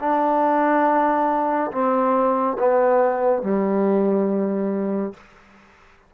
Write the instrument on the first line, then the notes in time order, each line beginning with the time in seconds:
trombone
0.00 D4
1.72 C4
2.59 B3
3.42 G3